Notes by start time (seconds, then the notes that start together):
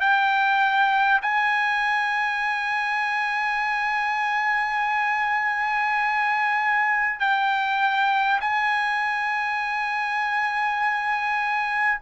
0.00 G5
1.22 G#5
7.19 G5
8.41 G#5